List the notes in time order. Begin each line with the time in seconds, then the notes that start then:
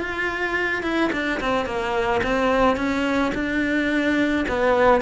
0.00 F4
0.83 E4
1.12 D4
1.40 C4
1.66 A#3
2.23 C4
2.76 C#4
3.35 D4
4.48 B3